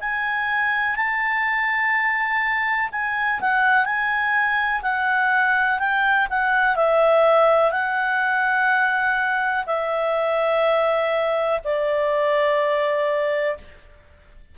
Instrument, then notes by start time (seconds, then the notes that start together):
clarinet
0.00 G#5
0.95 A5
2.92 G#5
3.40 F#5
3.84 G#5
4.82 F#5
5.79 G5
6.29 F#5
6.76 E5
7.71 F#5
9.66 E5
11.64 D5